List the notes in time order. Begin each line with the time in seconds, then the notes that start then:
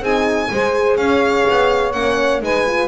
0.00 C4 D#4 G#4 G#5
0.52 G#3 G#4 C5
0.97 C#4 C#5 F5
1.50 B3
1.93 A#3 C#4 F#5
2.42 G#3 D#4 B4 G#5
2.67 F4